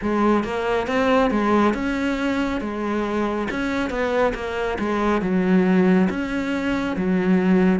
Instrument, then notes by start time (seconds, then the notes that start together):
cello
0.01 G#3
0.43 A#3
0.87 C4
1.30 G#3
1.74 C#4
2.60 G#3
3.50 C#4
3.89 B3
4.34 A#3
4.78 G#3
5.21 F#3
6.09 C#4
6.96 F#3